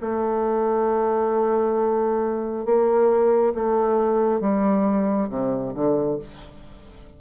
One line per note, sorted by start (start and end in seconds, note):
0.00 2.65 A3
2.65 3.53 A#3
3.54 4.40 A3
4.40 5.29 G3
5.29 5.73 C3
5.74 6.18 D3